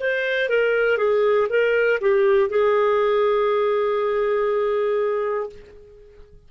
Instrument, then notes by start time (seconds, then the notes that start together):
clarinet
0.00 C5
0.49 A#4
0.97 G#4
1.49 A#4
2.00 G4
2.50 G#4